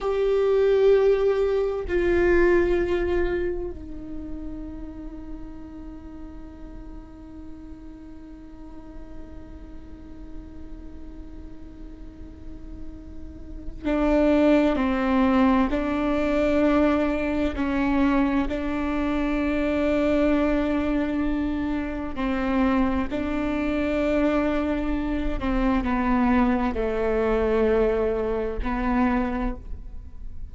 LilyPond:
\new Staff \with { instrumentName = "viola" } { \time 4/4 \tempo 4 = 65 g'2 f'2 | dis'1~ | dis'1~ | dis'2. d'4 |
c'4 d'2 cis'4 | d'1 | c'4 d'2~ d'8 c'8 | b4 a2 b4 | }